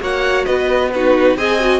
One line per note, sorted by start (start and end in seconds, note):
0.00 0.46 A#3
0.00 0.91 F#4
0.00 0.46 C#5
0.00 0.45 F#5
0.45 1.37 B3
0.45 0.92 B4
0.45 0.91 D#5
0.93 1.38 D#4
0.93 1.38 F#4
0.93 1.38 B4
1.37 1.80 C4
1.37 1.60 G#4
1.37 1.80 D#5
1.37 1.80 G#5
1.60 1.80 F#4